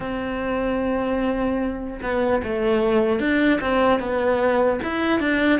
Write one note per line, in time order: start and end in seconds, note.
0.00 2.00 C4
2.02 2.42 B3
2.43 3.19 A3
3.19 3.59 D4
3.60 3.99 C4
3.99 4.79 B3
4.83 5.19 E4
5.19 5.59 D4